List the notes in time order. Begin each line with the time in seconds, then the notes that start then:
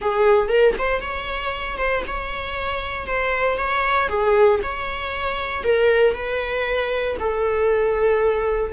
0.01 G#4
0.48 A#4
0.78 C5
1.01 C#5
1.77 C5
2.07 C#5
3.06 C5
3.57 C#5
4.08 G#4
4.62 C#5
5.63 A#4
6.14 B4
7.19 A4